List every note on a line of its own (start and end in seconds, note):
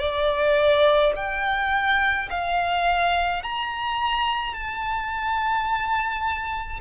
0.00 1.13 D5
1.16 2.29 G5
2.30 3.43 F5
3.43 4.54 A#5
4.54 6.80 A5